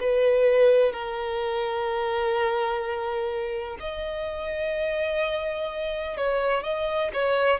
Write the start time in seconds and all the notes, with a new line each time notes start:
0.00 B4
0.92 A#4
3.80 D#5
6.16 C#5
6.63 D#5
7.13 C#5